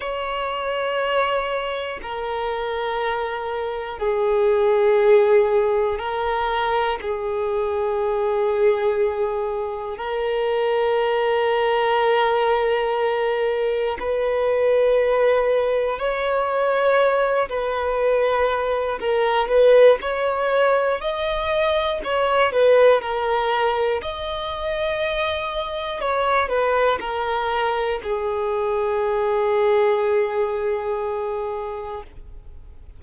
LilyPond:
\new Staff \with { instrumentName = "violin" } { \time 4/4 \tempo 4 = 60 cis''2 ais'2 | gis'2 ais'4 gis'4~ | gis'2 ais'2~ | ais'2 b'2 |
cis''4. b'4. ais'8 b'8 | cis''4 dis''4 cis''8 b'8 ais'4 | dis''2 cis''8 b'8 ais'4 | gis'1 | }